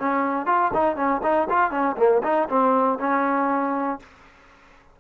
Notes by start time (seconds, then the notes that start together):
0.00 C#4
0.47 F4
0.74 D#4
0.96 C#4
1.24 D#4
1.50 F4
1.71 C#4
1.97 A#3
2.24 D#4
2.50 C4
2.99 C#4